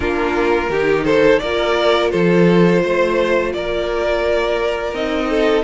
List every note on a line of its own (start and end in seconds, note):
0.00 0.69 A#3
0.00 0.66 D4
0.00 0.69 F4
0.00 1.04 A#4
0.69 1.39 D#3
0.69 1.43 D#4
0.69 1.04 G4
1.04 1.40 A4
1.04 1.39 C5
1.39 2.12 A#3
1.39 4.94 F4
1.39 2.11 A#4
1.39 2.10 D5
2.10 2.83 F3
2.10 2.82 A4
2.10 3.51 C5
2.82 3.53 A3
2.82 3.53 C5
3.53 4.93 A#3
3.53 5.29 A#4
3.53 4.94 D5
4.93 5.63 C4
4.93 5.63 D#4
4.93 5.63 D#5
5.29 5.63 A4